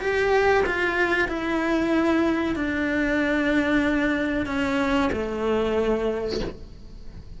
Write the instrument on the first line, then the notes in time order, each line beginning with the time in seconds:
cello
0.00 G4
0.66 F4
1.28 E4
2.55 D4
4.46 C#4
5.12 A3